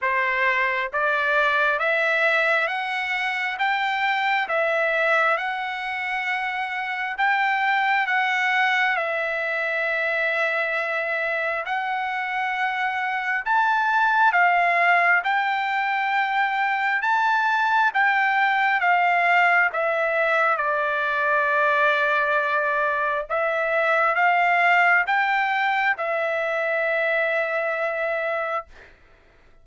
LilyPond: \new Staff \with { instrumentName = "trumpet" } { \time 4/4 \tempo 4 = 67 c''4 d''4 e''4 fis''4 | g''4 e''4 fis''2 | g''4 fis''4 e''2~ | e''4 fis''2 a''4 |
f''4 g''2 a''4 | g''4 f''4 e''4 d''4~ | d''2 e''4 f''4 | g''4 e''2. | }